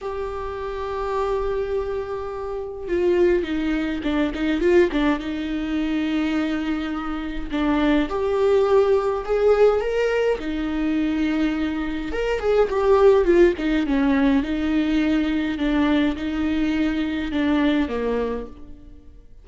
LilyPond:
\new Staff \with { instrumentName = "viola" } { \time 4/4 \tempo 4 = 104 g'1~ | g'4 f'4 dis'4 d'8 dis'8 | f'8 d'8 dis'2.~ | dis'4 d'4 g'2 |
gis'4 ais'4 dis'2~ | dis'4 ais'8 gis'8 g'4 f'8 dis'8 | cis'4 dis'2 d'4 | dis'2 d'4 ais4 | }